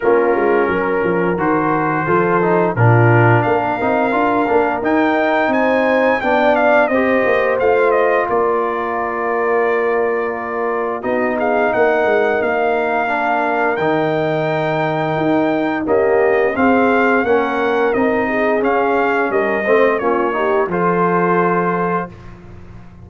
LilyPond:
<<
  \new Staff \with { instrumentName = "trumpet" } { \time 4/4 \tempo 4 = 87 ais'2 c''2 | ais'4 f''2 g''4 | gis''4 g''8 f''8 dis''4 f''8 dis''8 | d''1 |
dis''8 f''8 fis''4 f''2 | g''2. dis''4 | f''4 fis''4 dis''4 f''4 | dis''4 cis''4 c''2 | }
  \new Staff \with { instrumentName = "horn" } { \time 4/4 f'4 ais'2 a'4 | f'4 ais'2. | c''4 d''4 c''2 | ais'1 |
fis'8 gis'8 ais'2.~ | ais'2. g'4 | gis'4 ais'4. gis'4. | ais'8 c''8 f'8 g'8 a'2 | }
  \new Staff \with { instrumentName = "trombone" } { \time 4/4 cis'2 fis'4 f'8 dis'8 | d'4. dis'8 f'8 d'8 dis'4~ | dis'4 d'4 g'4 f'4~ | f'1 |
dis'2. d'4 | dis'2. ais4 | c'4 cis'4 dis'4 cis'4~ | cis'8 c'8 cis'8 dis'8 f'2 | }
  \new Staff \with { instrumentName = "tuba" } { \time 4/4 ais8 gis8 fis8 f8 dis4 f4 | ais,4 ais8 c'8 d'8 ais8 dis'4 | c'4 b4 c'8 ais8 a4 | ais1 |
b4 ais8 gis8 ais2 | dis2 dis'4 cis'4 | c'4 ais4 c'4 cis'4 | g8 a8 ais4 f2 | }
>>